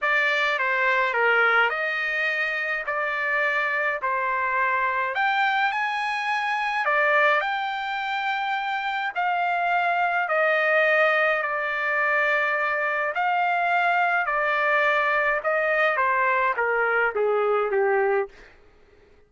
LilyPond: \new Staff \with { instrumentName = "trumpet" } { \time 4/4 \tempo 4 = 105 d''4 c''4 ais'4 dis''4~ | dis''4 d''2 c''4~ | c''4 g''4 gis''2 | d''4 g''2. |
f''2 dis''2 | d''2. f''4~ | f''4 d''2 dis''4 | c''4 ais'4 gis'4 g'4 | }